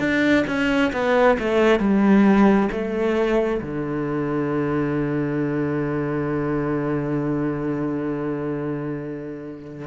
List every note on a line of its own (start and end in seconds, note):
0.00 0.45 D4
0.48 0.92 C#4
0.93 1.38 B3
1.40 1.80 A3
1.80 2.69 G3
2.72 3.62 A3
3.62 9.88 D3